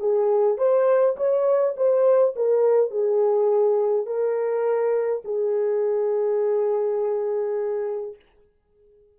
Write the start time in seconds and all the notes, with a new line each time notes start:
0.00 G#4
0.58 C5
1.17 C#5
1.77 C5
2.36 A#4
2.91 G#4
4.06 A#4
5.25 G#4